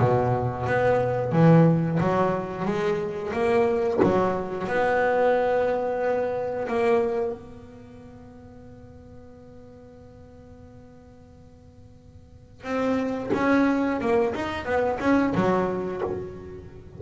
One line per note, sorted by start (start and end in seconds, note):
0.00 0.67 B2
0.67 1.32 B3
1.32 1.99 E3
2.00 2.65 F#3
2.65 3.32 G#3
3.33 4.00 A#3
4.03 4.68 F#3
4.68 6.68 B3
6.68 7.32 A#3
7.32 12.64 B3
12.64 13.31 C4
13.34 14.01 C#4
14.01 14.35 A#3
14.35 14.65 D#4
14.65 14.99 B3
15.00 15.33 C#4
15.35 16.02 F#3